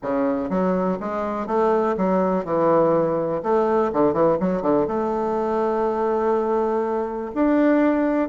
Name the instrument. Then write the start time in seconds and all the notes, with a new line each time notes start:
bassoon
0.02 C#3
0.49 F#3
1.00 G#3
1.47 A3
1.97 F#3
2.45 E3
3.43 A3
3.92 D3
4.13 E3
4.40 F#3
4.62 D3
4.87 A3
7.34 D4